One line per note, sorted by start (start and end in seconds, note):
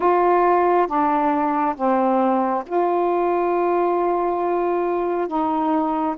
0.00 0.87 F4
0.87 1.75 D4
1.75 2.64 C4
2.66 5.27 F4
5.27 6.15 D#4